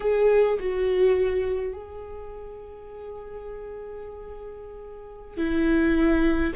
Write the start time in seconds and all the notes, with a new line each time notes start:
0.00 G#4
0.59 F#4
1.73 G#4
5.37 E4